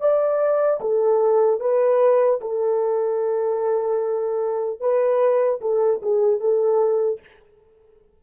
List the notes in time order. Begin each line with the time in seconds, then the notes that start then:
0.00 D5
0.81 A4
1.60 B4
2.41 A4
4.80 B4
5.61 A4
6.02 G#4
6.40 A4